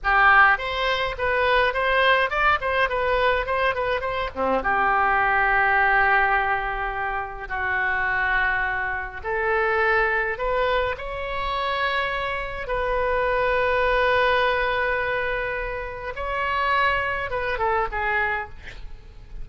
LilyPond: \new Staff \with { instrumentName = "oboe" } { \time 4/4 \tempo 4 = 104 g'4 c''4 b'4 c''4 | d''8 c''8 b'4 c''8 b'8 c''8 c'8 | g'1~ | g'4 fis'2. |
a'2 b'4 cis''4~ | cis''2 b'2~ | b'1 | cis''2 b'8 a'8 gis'4 | }